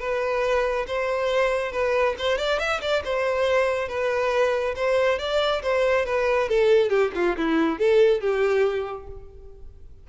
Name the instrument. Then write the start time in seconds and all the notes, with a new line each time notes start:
violin
0.00 B4
0.88 C5
1.72 B4
2.19 C5
2.39 D5
2.59 E5
2.82 D5
3.05 C5
3.89 B4
4.76 C5
5.19 D5
5.63 C5
6.06 B4
6.49 A4
6.90 G4
7.15 F4
7.37 E4
7.79 A4
8.21 G4